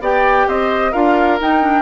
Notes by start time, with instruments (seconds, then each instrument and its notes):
0.00 bassoon B3, clarinet G4, oboe D5, flute G5
0.47 bassoon C4, oboe C5, flute D#5
0.92 bassoon D4, clarinet F4, oboe A#4, flute F5
1.40 clarinet D#4, bassoon D#4, flute G5
1.62 clarinet D4